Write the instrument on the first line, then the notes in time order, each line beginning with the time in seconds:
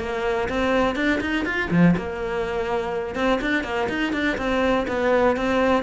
cello
0.00 A#3
0.49 C4
0.96 D4
1.22 D#4
1.45 F4
1.71 F3
1.97 A#3
3.16 C4
3.42 D4
3.64 A#3
3.89 D#4
4.13 D4
4.38 C4
4.88 B3
5.37 C4